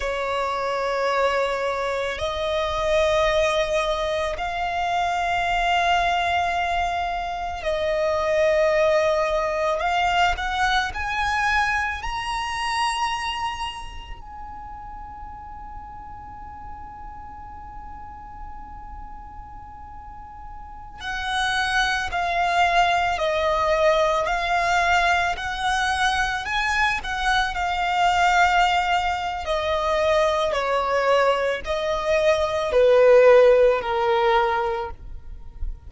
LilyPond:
\new Staff \with { instrumentName = "violin" } { \time 4/4 \tempo 4 = 55 cis''2 dis''2 | f''2. dis''4~ | dis''4 f''8 fis''8 gis''4 ais''4~ | ais''4 gis''2.~ |
gis''2.~ gis''16 fis''8.~ | fis''16 f''4 dis''4 f''4 fis''8.~ | fis''16 gis''8 fis''8 f''4.~ f''16 dis''4 | cis''4 dis''4 b'4 ais'4 | }